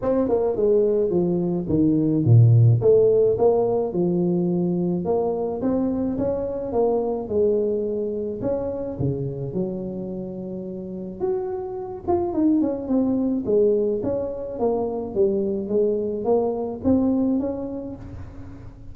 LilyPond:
\new Staff \with { instrumentName = "tuba" } { \time 4/4 \tempo 4 = 107 c'8 ais8 gis4 f4 dis4 | ais,4 a4 ais4 f4~ | f4 ais4 c'4 cis'4 | ais4 gis2 cis'4 |
cis4 fis2. | fis'4. f'8 dis'8 cis'8 c'4 | gis4 cis'4 ais4 g4 | gis4 ais4 c'4 cis'4 | }